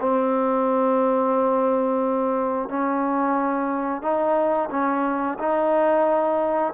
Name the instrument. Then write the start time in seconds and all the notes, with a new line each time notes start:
trombone
0.00 C4
2.69 C#4
4.02 D#4
4.71 C#4
5.39 D#4